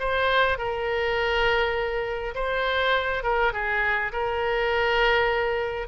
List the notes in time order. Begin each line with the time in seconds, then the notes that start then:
0.00 C5
0.58 A#4
2.35 C5
3.24 A#4
3.53 G#4
4.13 A#4